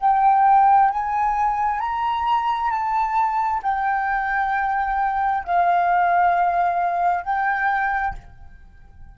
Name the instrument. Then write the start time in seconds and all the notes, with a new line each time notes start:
flute
0.00 G5
0.90 G#5
1.79 A#5
2.70 A5
3.62 G5
5.44 F5
7.23 G5